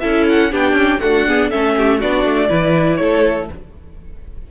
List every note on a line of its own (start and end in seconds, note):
0.00 0.53 C#4
0.00 0.51 E4
0.00 0.51 A4
0.00 0.25 E5
0.29 0.54 F#5
0.51 0.73 B3
0.51 1.00 D4
0.51 1.01 G4
0.51 1.00 G5
0.73 0.97 C#4
1.00 1.25 A3
1.00 1.53 D4
1.00 1.28 F#4
1.00 1.49 F#5
1.28 1.51 B3
1.28 1.51 G#4
1.51 2.03 A3
1.51 2.00 C#4
1.51 1.75 A4
1.51 2.00 E5
1.77 1.99 G4
1.99 2.25 B3
1.99 2.49 D4
1.99 2.49 F#4
1.99 2.96 D5
2.25 2.49 A3
2.49 2.99 E3
2.49 3.48 E4
2.49 2.99 B4
2.96 3.49 A3
2.96 3.51 A4
2.96 3.46 C#5